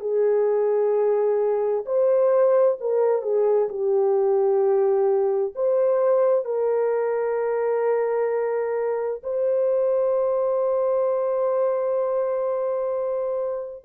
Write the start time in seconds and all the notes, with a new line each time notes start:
0.00 G#4
1.85 C5
2.80 A#4
3.22 G#4
3.69 G4
5.55 C5
6.44 A#4
9.23 C5